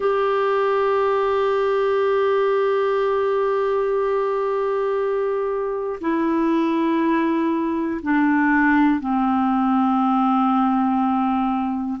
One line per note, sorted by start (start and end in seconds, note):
0.00 5.99 G4
6.00 8.00 E4
8.02 9.00 D4
9.00 12.00 C4